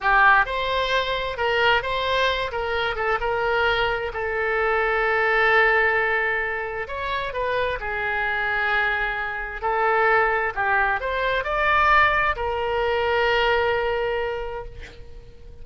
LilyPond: \new Staff \with { instrumentName = "oboe" } { \time 4/4 \tempo 4 = 131 g'4 c''2 ais'4 | c''4. ais'4 a'8 ais'4~ | ais'4 a'2.~ | a'2. cis''4 |
b'4 gis'2.~ | gis'4 a'2 g'4 | c''4 d''2 ais'4~ | ais'1 | }